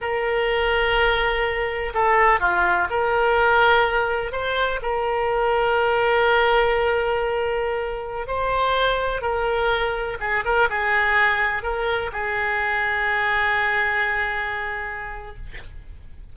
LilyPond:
\new Staff \with { instrumentName = "oboe" } { \time 4/4 \tempo 4 = 125 ais'1 | a'4 f'4 ais'2~ | ais'4 c''4 ais'2~ | ais'1~ |
ais'4~ ais'16 c''2 ais'8.~ | ais'4~ ais'16 gis'8 ais'8 gis'4.~ gis'16~ | gis'16 ais'4 gis'2~ gis'8.~ | gis'1 | }